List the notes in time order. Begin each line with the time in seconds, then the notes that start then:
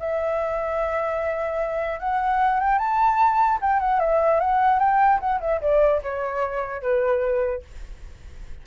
0.00 E5
2.00 F#5
2.60 G5
2.79 A5
3.61 G5
3.80 F#5
4.00 E5
4.40 F#5
4.80 G5
5.20 F#5
5.41 E5
5.62 D5
6.03 C#5
6.82 B4